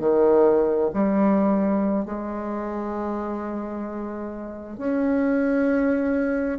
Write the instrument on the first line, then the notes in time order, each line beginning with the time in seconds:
bassoon
0.00 D#3
0.94 G3
2.06 G#3
4.78 C#4